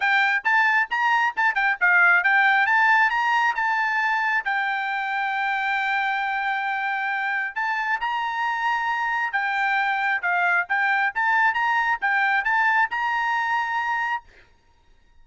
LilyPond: \new Staff \with { instrumentName = "trumpet" } { \time 4/4 \tempo 4 = 135 g''4 a''4 ais''4 a''8 g''8 | f''4 g''4 a''4 ais''4 | a''2 g''2~ | g''1~ |
g''4 a''4 ais''2~ | ais''4 g''2 f''4 | g''4 a''4 ais''4 g''4 | a''4 ais''2. | }